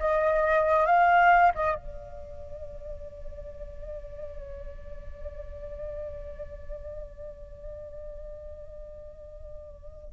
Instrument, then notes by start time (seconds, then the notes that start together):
flute
0.00 D#5
0.86 F5
1.55 D#5
1.75 D5